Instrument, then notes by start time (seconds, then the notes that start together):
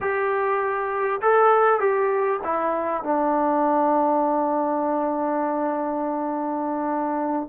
trombone
0.00 G4
1.21 A4
1.79 G4
2.44 E4
3.03 D4